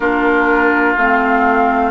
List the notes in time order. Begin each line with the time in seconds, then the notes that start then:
0.00 A#3 D4 F4 A#4
0.95 A3 C4 F5